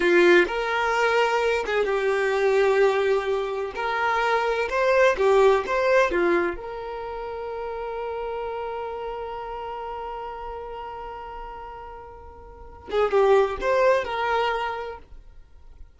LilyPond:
\new Staff \with { instrumentName = "violin" } { \time 4/4 \tempo 4 = 128 f'4 ais'2~ ais'8 gis'8 | g'1 | ais'2 c''4 g'4 | c''4 f'4 ais'2~ |
ais'1~ | ais'1~ | ais'2.~ ais'8 gis'8 | g'4 c''4 ais'2 | }